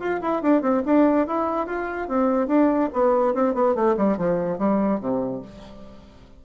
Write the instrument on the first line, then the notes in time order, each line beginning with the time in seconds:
bassoon
0.00 F4
0.22 E4
0.43 D4
0.62 C4
0.86 D4
1.27 E4
1.67 F4
2.09 C4
2.48 D4
2.94 B3
3.35 C4
3.55 B3
3.76 A3
3.97 G3
4.18 F3
4.59 G3
5.01 C3